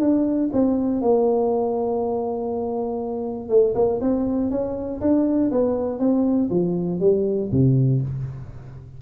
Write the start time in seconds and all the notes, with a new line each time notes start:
0.00 D4
0.53 C4
1.01 A#3
3.49 A3
3.75 A#3
4.00 C4
4.50 C#4
5.01 D4
5.51 B3
5.99 C4
6.50 F3
7.00 G3
7.51 C3